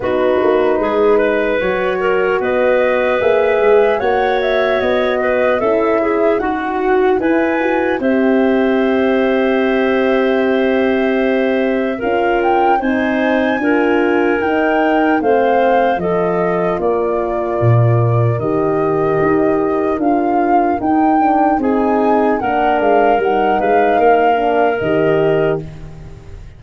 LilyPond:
<<
  \new Staff \with { instrumentName = "flute" } { \time 4/4 \tempo 4 = 75 b'2 cis''4 dis''4 | e''4 fis''8 e''8 dis''4 e''4 | fis''4 gis''4 e''2~ | e''2. f''8 g''8 |
gis''2 g''4 f''4 | dis''4 d''2 dis''4~ | dis''4 f''4 g''4 gis''4 | fis''8 f''8 fis''8 f''4. dis''4 | }
  \new Staff \with { instrumentName = "clarinet" } { \time 4/4 fis'4 gis'8 b'4 ais'8 b'4~ | b'4 cis''4. b'8 a'8 gis'8 | fis'4 b'4 c''2~ | c''2. ais'4 |
c''4 ais'2 c''4 | a'4 ais'2.~ | ais'2. gis'4 | ais'4. b'8 ais'2 | }
  \new Staff \with { instrumentName = "horn" } { \time 4/4 dis'2 fis'2 | gis'4 fis'2 e'4 | fis'4 e'8 fis'8 g'2~ | g'2. f'4 |
dis'4 f'4 dis'4 c'4 | f'2. g'4~ | g'4 f'4 dis'8 d'8 dis'4 | d'4 dis'4. d'8 g'4 | }
  \new Staff \with { instrumentName = "tuba" } { \time 4/4 b8 ais8 gis4 fis4 b4 | ais8 gis8 ais4 b4 cis'4 | dis'4 e'4 c'2~ | c'2. cis'4 |
c'4 d'4 dis'4 a4 | f4 ais4 ais,4 dis4 | dis'4 d'4 dis'4 c'4 | ais8 gis8 g8 gis8 ais4 dis4 | }
>>